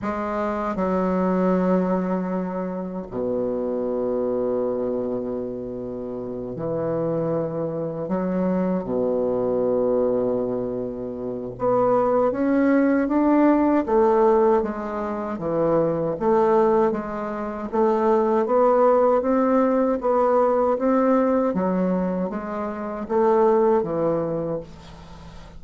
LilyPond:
\new Staff \with { instrumentName = "bassoon" } { \time 4/4 \tempo 4 = 78 gis4 fis2. | b,1~ | b,8 e2 fis4 b,8~ | b,2. b4 |
cis'4 d'4 a4 gis4 | e4 a4 gis4 a4 | b4 c'4 b4 c'4 | fis4 gis4 a4 e4 | }